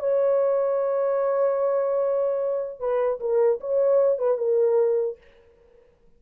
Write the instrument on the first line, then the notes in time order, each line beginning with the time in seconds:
horn
0.00 C#5
2.80 B4
3.21 A#4
3.61 C#5
4.19 B4
4.38 A#4